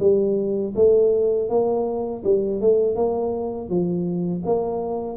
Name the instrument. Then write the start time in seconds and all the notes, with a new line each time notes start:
tuba
0.00 G3
0.76 A3
1.49 A#3
2.24 G3
2.61 A3
2.96 A#3
3.69 F3
4.46 A#3